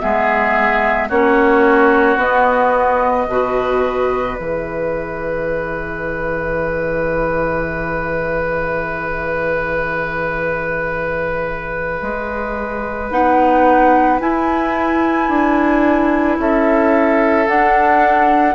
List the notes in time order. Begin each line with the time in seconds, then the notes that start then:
0.00 G#3 B3 G#4 E5
1.09 A#3 C#4 F#4 C#5
2.17 B3 D#5
3.28 B2 F#4 B4
4.38 E3 G#4 E5
12.02 G#3
13.11 B3 D#4 F#5
14.20 E4 G#5
15.29 D4
16.39 C#4 A4 E5
17.47 D4 F#5